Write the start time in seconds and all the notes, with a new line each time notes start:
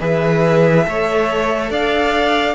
0.00 E3 G#4 B4 E5
0.85 A3 A4 C#5
1.71 D4 D5 F5